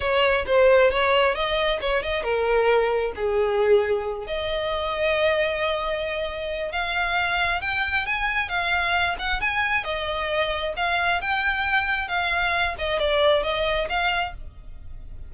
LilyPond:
\new Staff \with { instrumentName = "violin" } { \time 4/4 \tempo 4 = 134 cis''4 c''4 cis''4 dis''4 | cis''8 dis''8 ais'2 gis'4~ | gis'4. dis''2~ dis''8~ | dis''2. f''4~ |
f''4 g''4 gis''4 f''4~ | f''8 fis''8 gis''4 dis''2 | f''4 g''2 f''4~ | f''8 dis''8 d''4 dis''4 f''4 | }